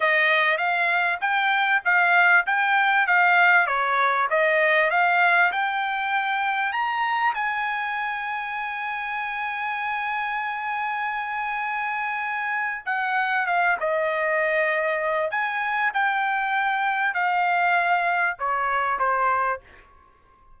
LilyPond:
\new Staff \with { instrumentName = "trumpet" } { \time 4/4 \tempo 4 = 98 dis''4 f''4 g''4 f''4 | g''4 f''4 cis''4 dis''4 | f''4 g''2 ais''4 | gis''1~ |
gis''1~ | gis''4 fis''4 f''8 dis''4.~ | dis''4 gis''4 g''2 | f''2 cis''4 c''4 | }